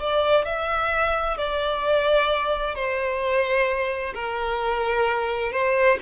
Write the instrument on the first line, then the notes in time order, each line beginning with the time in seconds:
violin
0.00 D5
0.45 E5
1.38 D5
2.75 C5
4.15 A#4
5.52 C5